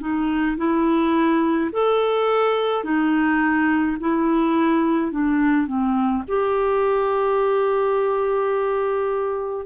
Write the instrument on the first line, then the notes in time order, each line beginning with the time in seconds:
clarinet
0.00 D#4
0.57 E4
1.72 A4
2.84 D#4
4.00 E4
5.11 D4
5.67 C4
6.28 G4